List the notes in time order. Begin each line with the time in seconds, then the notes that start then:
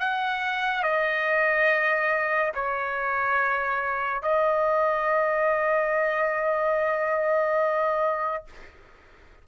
0.00 F#5
0.83 D#5
2.55 C#5
4.22 D#5